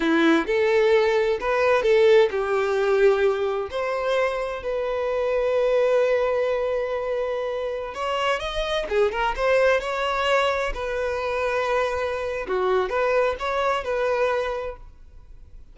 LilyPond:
\new Staff \with { instrumentName = "violin" } { \time 4/4 \tempo 4 = 130 e'4 a'2 b'4 | a'4 g'2. | c''2 b'2~ | b'1~ |
b'4~ b'16 cis''4 dis''4 gis'8 ais'16~ | ais'16 c''4 cis''2 b'8.~ | b'2. fis'4 | b'4 cis''4 b'2 | }